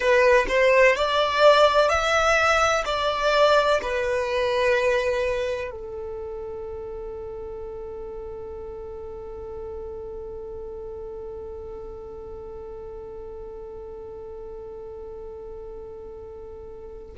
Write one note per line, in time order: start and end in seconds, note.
0.00 0.45 B4
0.48 0.95 C5
0.95 1.89 D5
1.89 2.84 E5
2.85 3.80 D5
3.81 5.71 B4
5.71 17.13 A4